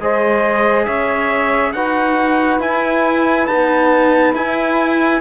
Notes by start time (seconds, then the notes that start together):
0.00 G#3 G#4 C5 D#5
0.85 C#4 C#5 E5
1.72 D#4 F#4 B4 F#5
2.60 E4 G#5
3.47 B3 D#4 A5
4.34 E4 G#5